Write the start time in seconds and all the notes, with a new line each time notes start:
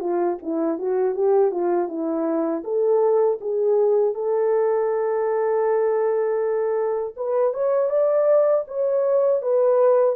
0.00 F4
0.42 E4
0.78 F#4
1.15 G4
1.51 F4
1.88 E4
2.64 A4
3.41 G#4
4.14 A4
7.16 B4
7.53 C#5
7.89 D5
8.68 C#5
9.42 B4